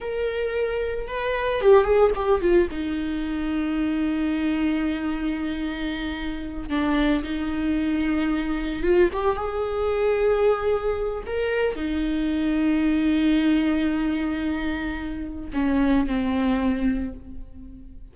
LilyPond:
\new Staff \with { instrumentName = "viola" } { \time 4/4 \tempo 4 = 112 ais'2 b'4 g'8 gis'8 | g'8 f'8 dis'2.~ | dis'1~ | dis'8 d'4 dis'2~ dis'8~ |
dis'8 f'8 g'8 gis'2~ gis'8~ | gis'4 ais'4 dis'2~ | dis'1~ | dis'4 cis'4 c'2 | }